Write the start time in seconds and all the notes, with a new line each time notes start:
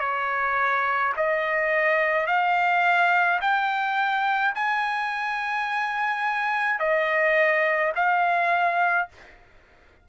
0.00 C#5
1.17 D#5
2.26 F5
3.41 G5
4.55 G#5
6.80 D#5
7.96 F5